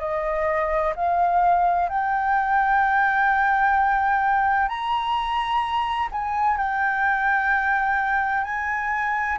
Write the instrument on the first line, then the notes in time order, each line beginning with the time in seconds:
flute
0.00 D#5
0.96 F5
1.89 G5
4.69 A#5
6.12 G#5
6.58 G5
8.45 G#5